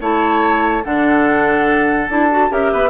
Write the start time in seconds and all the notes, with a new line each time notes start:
0.00 A3 E4 C#5 A5
0.84 D3 D4 A4 F#5
2.08 D4 E4 A5
2.30 F#4
2.49 C#4 G4 A#4 E5
2.71 B3 B4